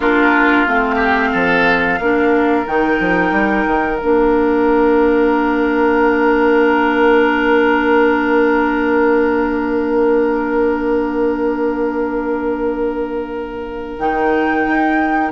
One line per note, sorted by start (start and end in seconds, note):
0.00 0.64 A#3
0.00 0.66 D4
0.00 0.95 F4
0.00 0.67 A#4
0.66 1.33 A3
0.66 2.00 C4
0.66 2.66 F5
0.95 1.29 G4
1.32 1.99 F3
1.32 1.99 A4
1.99 2.66 A#3
1.99 2.65 D4
1.99 15.32 A#4
2.65 2.99 D#3
2.65 3.99 D#4
2.65 3.97 G5
2.99 3.31 F3
3.31 3.65 G3
3.66 4.00 D#3
3.97 13.99 A#3
3.97 13.99 D4
3.97 13.97 F5
13.99 14.65 D#3
13.99 15.32 D#4
13.99 15.32 G5
14.67 15.32 D#4